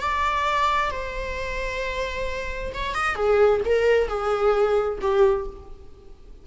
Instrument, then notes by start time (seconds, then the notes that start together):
viola
0.00 D5
0.90 C5
2.74 C#5
2.94 D#5
3.15 G#4
3.65 A#4
4.08 G#4
5.01 G4